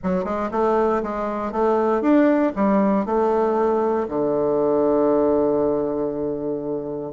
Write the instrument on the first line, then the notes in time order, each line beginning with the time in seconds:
bassoon
0.03 F#3
0.24 G#3
0.51 A3
1.02 G#3
1.51 A3
2.01 D4
2.55 G3
3.05 A3
4.08 D3